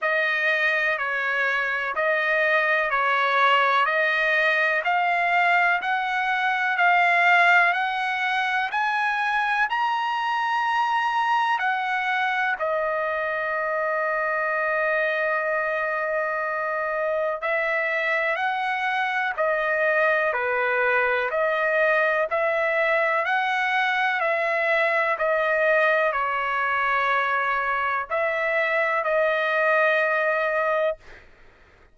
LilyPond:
\new Staff \with { instrumentName = "trumpet" } { \time 4/4 \tempo 4 = 62 dis''4 cis''4 dis''4 cis''4 | dis''4 f''4 fis''4 f''4 | fis''4 gis''4 ais''2 | fis''4 dis''2.~ |
dis''2 e''4 fis''4 | dis''4 b'4 dis''4 e''4 | fis''4 e''4 dis''4 cis''4~ | cis''4 e''4 dis''2 | }